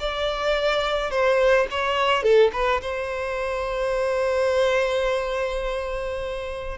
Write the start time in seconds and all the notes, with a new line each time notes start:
0.00 D5
1.11 C5
1.71 C#5
2.23 A4
2.53 B4
2.81 C5